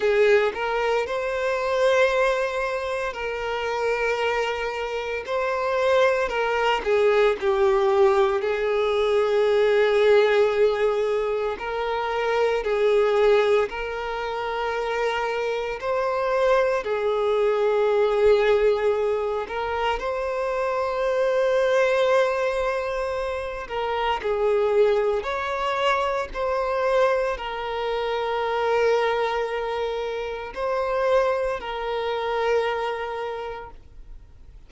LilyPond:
\new Staff \with { instrumentName = "violin" } { \time 4/4 \tempo 4 = 57 gis'8 ais'8 c''2 ais'4~ | ais'4 c''4 ais'8 gis'8 g'4 | gis'2. ais'4 | gis'4 ais'2 c''4 |
gis'2~ gis'8 ais'8 c''4~ | c''2~ c''8 ais'8 gis'4 | cis''4 c''4 ais'2~ | ais'4 c''4 ais'2 | }